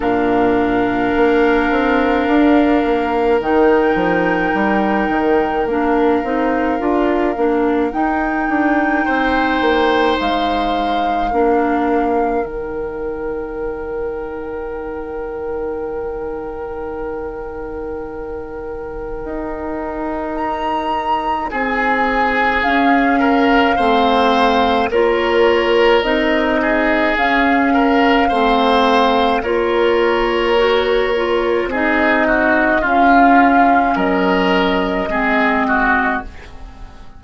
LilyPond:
<<
  \new Staff \with { instrumentName = "flute" } { \time 4/4 \tempo 4 = 53 f''2. g''4~ | g''4 f''2 g''4~ | g''4 f''2 g''4~ | g''1~ |
g''2 ais''4 gis''4 | f''2 cis''4 dis''4 | f''2 cis''2 | dis''4 f''4 dis''2 | }
  \new Staff \with { instrumentName = "oboe" } { \time 4/4 ais'1~ | ais'1 | c''2 ais'2~ | ais'1~ |
ais'2. gis'4~ | gis'8 ais'8 c''4 ais'4. gis'8~ | gis'8 ais'8 c''4 ais'2 | gis'8 fis'8 f'4 ais'4 gis'8 fis'8 | }
  \new Staff \with { instrumentName = "clarinet" } { \time 4/4 d'2. dis'4~ | dis'4 d'8 dis'8 f'8 d'8 dis'4~ | dis'2 d'4 dis'4~ | dis'1~ |
dis'1 | cis'4 c'4 f'4 dis'4 | cis'4 c'4 f'4 fis'8 f'8 | dis'4 cis'2 c'4 | }
  \new Staff \with { instrumentName = "bassoon" } { \time 4/4 ais,4 ais8 c'8 d'8 ais8 dis8 f8 | g8 dis8 ais8 c'8 d'8 ais8 dis'8 d'8 | c'8 ais8 gis4 ais4 dis4~ | dis1~ |
dis4 dis'2 c'4 | cis'4 a4 ais4 c'4 | cis'4 a4 ais2 | c'4 cis'4 fis4 gis4 | }
>>